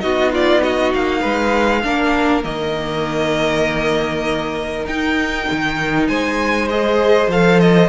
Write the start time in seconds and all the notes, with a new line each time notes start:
0.00 B3 D#4 F#4 D#5
0.32 F4 D5
0.63 F#4 D#5
0.94 A#3 F5
1.21 G#3 B4
1.84 A#3 D4 A#4
2.43 D#3 A#3 D#5
4.86 D#4 G5
5.52 D#3
6.08 G#3 C5 G#5
6.69 G#4 D#5
7.28 F3 A4 F5
7.60 D#5